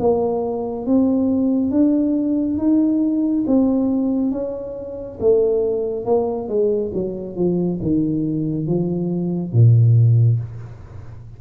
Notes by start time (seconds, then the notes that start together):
0.00 A#3
0.87 C4
1.72 D4
2.58 D#4
3.47 C4
4.32 C#4
5.21 A3
6.06 A#3
6.49 G#3
6.94 F#3
7.37 F3
7.82 D#3
8.67 F3
9.53 A#2